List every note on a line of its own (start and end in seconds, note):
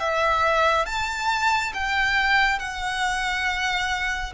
0.00 0.86 E5
0.86 1.73 A5
1.74 2.60 G5
2.60 4.34 F#5